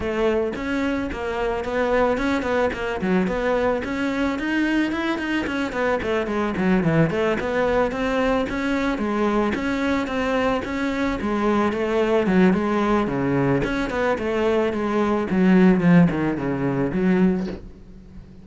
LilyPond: \new Staff \with { instrumentName = "cello" } { \time 4/4 \tempo 4 = 110 a4 cis'4 ais4 b4 | cis'8 b8 ais8 fis8 b4 cis'4 | dis'4 e'8 dis'8 cis'8 b8 a8 gis8 | fis8 e8 a8 b4 c'4 cis'8~ |
cis'8 gis4 cis'4 c'4 cis'8~ | cis'8 gis4 a4 fis8 gis4 | cis4 cis'8 b8 a4 gis4 | fis4 f8 dis8 cis4 fis4 | }